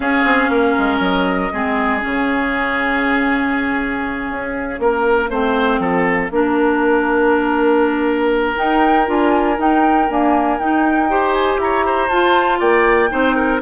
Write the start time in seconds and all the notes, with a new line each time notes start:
0.00 C#4 G#4 F5
0.24 C4
0.49 A#3 A#4
0.78 G#3
0.99 F#3 D#5
1.52 G#3 C4 G#4
1.99 C#3 C#4 F5
4.29 C#4
4.79 A#3 A#4
5.29 A3 C4 C5
5.79 F3 A4
6.30 A#3 D4 A#4
8.55 D#4 G5
9.06 D4 F4 G#5
9.57 D#4 G5
10.09 A#3 D4 G#5
10.59 D#4 G5
11.08 G4 C5
11.33 G#5
11.57 E4 C#5 A#5
11.85 C5
12.09 F4 A5
12.59 A#3 D5 G5
13.09 C4 D#4 C5
13.35 A#4